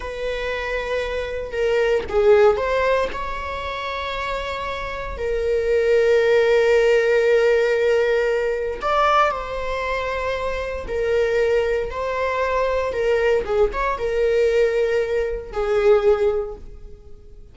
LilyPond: \new Staff \with { instrumentName = "viola" } { \time 4/4 \tempo 4 = 116 b'2. ais'4 | gis'4 c''4 cis''2~ | cis''2 ais'2~ | ais'1~ |
ais'4 d''4 c''2~ | c''4 ais'2 c''4~ | c''4 ais'4 gis'8 cis''8 ais'4~ | ais'2 gis'2 | }